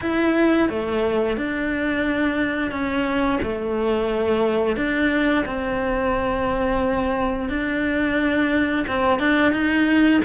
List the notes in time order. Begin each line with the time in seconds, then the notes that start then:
0.01 E4
0.69 A3
1.36 D4
2.71 C#4
3.42 A3
4.76 D4
5.45 C4
7.49 D4
8.87 C4
9.19 D4
9.52 D#4